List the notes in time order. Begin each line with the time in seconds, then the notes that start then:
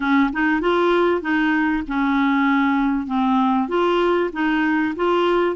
0.00 C#4
0.32 D#4
0.60 F4
1.21 D#4
1.87 C#4
3.06 C4
3.68 F4
4.32 D#4
4.95 F4